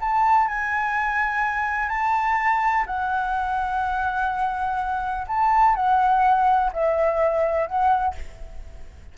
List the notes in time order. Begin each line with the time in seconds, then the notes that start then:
0.00 A5
0.48 G#5
1.89 A5
2.86 F#5
5.27 A5
5.75 F#5
6.72 E5
7.66 F#5